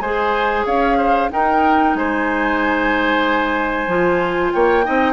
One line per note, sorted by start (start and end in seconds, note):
0.00 0.65 G#3
0.00 1.29 G#4
0.00 0.65 C5
0.00 0.65 G#5
0.65 1.30 C#4
0.65 0.97 C#5
0.65 1.30 F5
0.97 1.29 C5
1.29 3.87 D#4
1.29 1.94 D#4
1.29 1.97 A#4
1.29 1.96 G5
1.94 3.87 G#3
1.94 4.53 C5
1.94 4.53 G#5
3.87 4.51 F3
3.87 4.83 F4
4.53 4.86 A#3
4.53 4.85 C#5
4.53 5.13 G5
4.83 5.13 C4
4.83 5.13 D#4
4.83 5.13 D#5